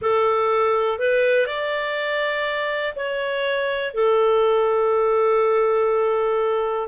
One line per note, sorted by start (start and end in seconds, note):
0.01 0.98 A4
0.98 1.46 B4
1.46 2.93 D5
2.95 3.93 C#5
3.93 6.88 A4